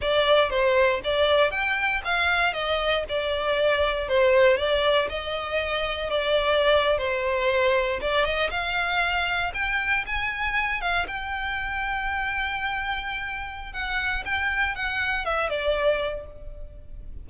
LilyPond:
\new Staff \with { instrumentName = "violin" } { \time 4/4 \tempo 4 = 118 d''4 c''4 d''4 g''4 | f''4 dis''4 d''2 | c''4 d''4 dis''2 | d''4.~ d''16 c''2 d''16~ |
d''16 dis''8 f''2 g''4 gis''16~ | gis''4~ gis''16 f''8 g''2~ g''16~ | g''2. fis''4 | g''4 fis''4 e''8 d''4. | }